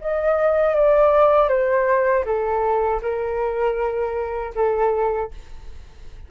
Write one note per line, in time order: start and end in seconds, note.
0.00 0.75 D#5
0.75 1.48 D5
1.48 2.24 C5
2.25 3.01 A4
3.02 4.54 A#4
4.55 5.31 A4